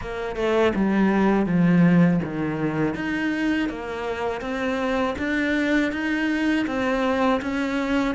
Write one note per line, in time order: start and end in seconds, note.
0.01 0.35 A#3
0.35 0.72 A3
0.75 1.45 G3
1.45 2.20 F3
2.23 2.95 D#3
2.95 3.69 D#4
3.69 4.41 A#3
4.41 5.15 C4
5.18 5.92 D4
5.92 6.66 D#4
6.67 7.41 C4
7.41 8.15 C#4